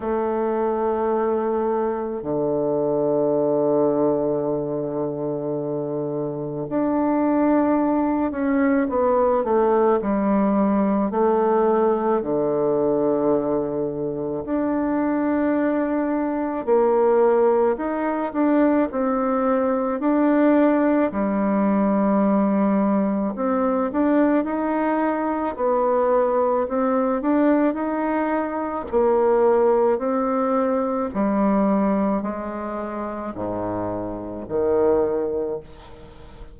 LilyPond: \new Staff \with { instrumentName = "bassoon" } { \time 4/4 \tempo 4 = 54 a2 d2~ | d2 d'4. cis'8 | b8 a8 g4 a4 d4~ | d4 d'2 ais4 |
dis'8 d'8 c'4 d'4 g4~ | g4 c'8 d'8 dis'4 b4 | c'8 d'8 dis'4 ais4 c'4 | g4 gis4 gis,4 dis4 | }